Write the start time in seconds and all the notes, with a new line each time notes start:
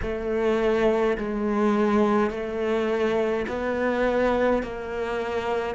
0.02 A3
1.17 G#3
2.30 A3
3.47 B3
4.62 A#3